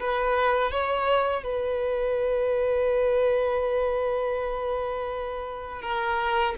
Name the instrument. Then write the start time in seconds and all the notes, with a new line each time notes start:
violin
0.00 B4
0.72 C#5
1.43 B4
5.82 A#4